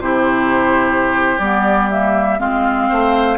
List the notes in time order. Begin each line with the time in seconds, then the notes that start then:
0.00 C3 E4 G4 C5
1.39 G3 B3 D5
1.90 A#3 E5
2.39 G#3 C4 F4 F5
2.89 A3 C5